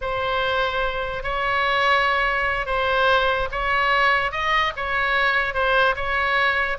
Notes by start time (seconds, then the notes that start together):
0.01 C5
1.23 C#5
2.66 C5
3.51 C#5
4.31 D#5
4.76 C#5
5.54 C5
5.95 C#5